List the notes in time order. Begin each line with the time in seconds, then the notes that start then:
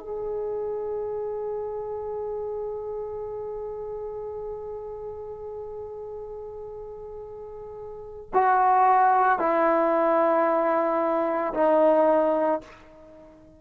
0.00 G#4
8.34 F#4
9.39 E4
11.54 D#4